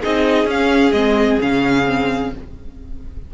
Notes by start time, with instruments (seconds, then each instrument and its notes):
0.00 cello C4, viola D#4, violin G#4 D#5
0.45 cello C#4, viola C#4, violin F5
0.92 cello G#3, viola C4, violin D#5
1.40 cello C#3, viola C#4, violin F5
1.85 viola C4